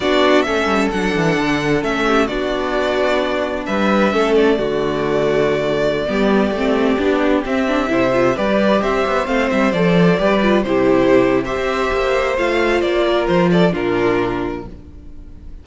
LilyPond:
<<
  \new Staff \with { instrumentName = "violin" } { \time 4/4 \tempo 4 = 131 d''4 e''4 fis''2 | e''4 d''2. | e''4. d''2~ d''8~ | d''1~ |
d''16 e''2 d''4 e''8.~ | e''16 f''8 e''8 d''2 c''8.~ | c''4 e''2 f''4 | d''4 c''8 d''8 ais'2 | }
  \new Staff \with { instrumentName = "violin" } { \time 4/4 fis'4 a'2.~ | a'8 g'8 fis'2. | b'4 a'4 fis'2~ | fis'4~ fis'16 g'2~ g'8.~ |
g'4~ g'16 c''4 b'4 c''8.~ | c''2~ c''16 b'4 g'8.~ | g'4 c''2.~ | c''8 ais'4 a'8 f'2 | }
  \new Staff \with { instrumentName = "viola" } { \time 4/4 d'4 cis'4 d'2 | cis'4 d'2.~ | d'4 cis'4 a2~ | a4~ a16 b4 c'4 d'8.~ |
d'16 c'8 d'8 e'8 f'8 g'4.~ g'16~ | g'16 c'4 a'4 g'8 f'8 e'8.~ | e'4 g'2 f'4~ | f'2 d'2 | }
  \new Staff \with { instrumentName = "cello" } { \time 4/4 b4 a8 g8 fis8 e8 d4 | a4 b2. | g4 a4 d2~ | d4~ d16 g4 a4 b8.~ |
b16 c'4 c4 g4 c'8 b16~ | b16 a8 g8 f4 g4 c8.~ | c4~ c16 c'8. ais4 a4 | ais4 f4 ais,2 | }
>>